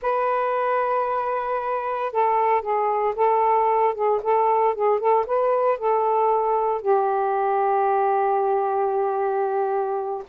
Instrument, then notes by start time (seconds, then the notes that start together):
saxophone
0.01 B4
2.12 A4
2.61 G#4
3.15 A4
3.94 G#4
4.22 A4
4.74 G#4
4.99 A4
5.26 B4
5.78 A4
6.81 G4